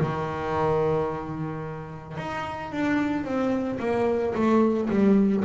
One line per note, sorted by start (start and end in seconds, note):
0.00 2.17 D#3
2.17 2.71 D#4
2.71 3.24 D4
3.24 3.78 C4
3.79 4.33 A#3
4.34 4.89 A3
4.89 5.44 G3